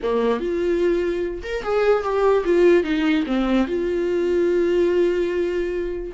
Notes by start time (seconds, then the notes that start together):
0.02 A#3
0.40 F4
1.42 A#4
1.63 G#4
2.03 G4
2.45 F4
2.83 D#4
3.26 C4
3.67 F4